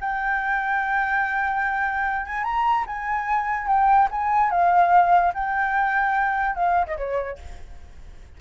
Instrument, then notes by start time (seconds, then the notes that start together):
flute
0.00 G5
2.25 G#5
2.43 A#5
2.86 G#5
3.66 G5
4.10 G#5
4.50 F5
5.33 G5
6.55 F5
6.86 D#5
6.97 C#5